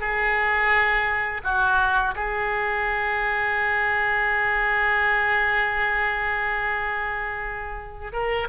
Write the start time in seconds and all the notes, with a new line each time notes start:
0.00 G#4
1.44 F#4
2.15 G#4
8.12 A#4